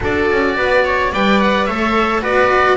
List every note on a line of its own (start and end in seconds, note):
0.00 0.30 D4
0.00 1.11 F#4
0.00 0.56 A4
0.00 1.13 D5
0.31 0.57 C#4
0.57 1.12 B3
0.57 0.84 B4
0.84 1.12 C#5
1.12 1.68 G3
1.12 1.69 B4
1.12 1.67 D5
1.12 1.40 G5
1.40 1.65 F#5
1.65 2.22 A3
1.65 2.22 A4
1.65 2.21 C#5
1.65 2.20 E5
2.21 2.77 B3
2.21 2.77 F#4
2.21 2.77 B4
2.21 2.77 D5